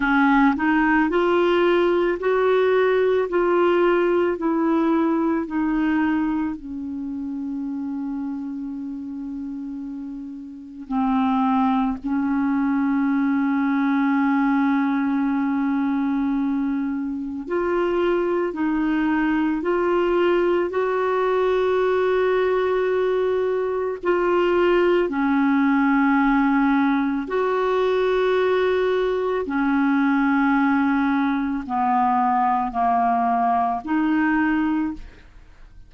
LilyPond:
\new Staff \with { instrumentName = "clarinet" } { \time 4/4 \tempo 4 = 55 cis'8 dis'8 f'4 fis'4 f'4 | e'4 dis'4 cis'2~ | cis'2 c'4 cis'4~ | cis'1 |
f'4 dis'4 f'4 fis'4~ | fis'2 f'4 cis'4~ | cis'4 fis'2 cis'4~ | cis'4 b4 ais4 dis'4 | }